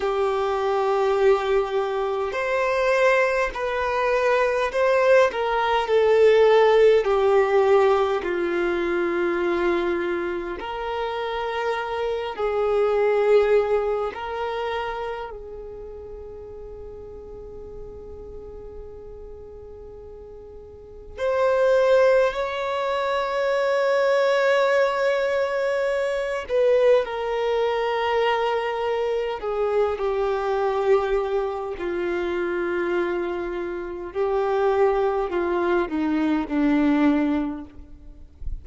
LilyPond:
\new Staff \with { instrumentName = "violin" } { \time 4/4 \tempo 4 = 51 g'2 c''4 b'4 | c''8 ais'8 a'4 g'4 f'4~ | f'4 ais'4. gis'4. | ais'4 gis'2.~ |
gis'2 c''4 cis''4~ | cis''2~ cis''8 b'8 ais'4~ | ais'4 gis'8 g'4. f'4~ | f'4 g'4 f'8 dis'8 d'4 | }